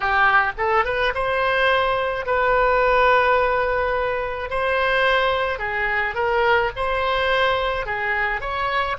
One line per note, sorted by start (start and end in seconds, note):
0.00 0.52 G4
0.57 0.85 A4
0.85 1.13 B4
1.14 2.26 C5
2.26 4.49 B4
4.49 5.58 C5
5.58 6.14 G#4
6.14 6.70 A#4
6.75 7.86 C5
7.86 8.40 G#4
8.40 8.96 C#5